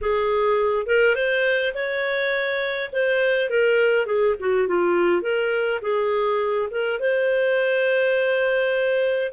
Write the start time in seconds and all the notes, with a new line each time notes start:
0.01 G#4
0.86 A#4
1.15 C5
1.74 C#5
2.92 C5
3.49 A#4
4.06 G#4
4.39 F#4
4.67 F4
5.22 A#4
5.81 G#4
6.70 A#4
6.99 C5